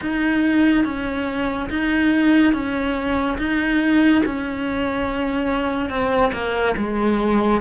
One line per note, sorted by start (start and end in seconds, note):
0.01 0.84 D#4
0.84 1.69 C#4
1.69 2.53 D#4
2.53 3.37 C#4
3.38 4.22 D#4
4.25 5.89 C#4
5.89 6.31 C4
6.33 6.75 A#3
6.76 7.61 G#3